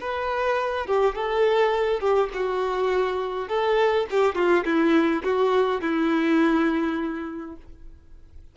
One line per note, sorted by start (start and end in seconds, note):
0.00 0.87 B4
0.87 1.15 G4
1.15 2.00 A4
2.00 2.29 G4
2.33 3.48 F#4
3.48 4.06 A4
4.10 4.35 G4
4.35 4.64 F4
4.64 5.23 E4
5.23 5.81 F#4
5.81 7.56 E4